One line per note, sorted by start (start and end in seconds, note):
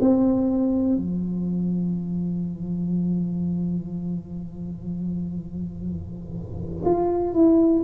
0.00 0.96 C4
0.96 6.85 F3
6.85 7.33 F4
7.33 7.82 E4